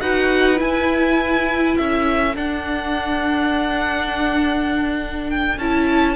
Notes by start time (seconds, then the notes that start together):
0.00 D#4 F#4 B4 F#5
0.56 E4 G#5
1.77 C#4 A4 E5
2.35 D4 F#5
5.30 G5
5.58 C#4 E4 A5